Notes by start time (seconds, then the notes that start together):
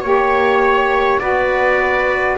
0.00 A#3 G4 C#5
1.19 B3 F#4 B4 D5